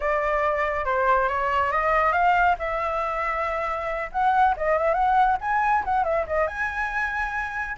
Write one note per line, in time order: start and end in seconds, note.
0.00 0.85 D5
0.85 1.28 C5
1.28 1.71 C#5
1.71 2.12 D#5
2.12 2.55 F5
2.58 4.09 E5
4.12 4.55 F#5
4.56 4.78 D#5
4.78 4.94 E5
4.94 5.37 F#5
5.40 5.84 G#5
5.84 6.04 F#5
6.04 6.25 E5
6.26 6.47 D#5
6.47 7.76 G#5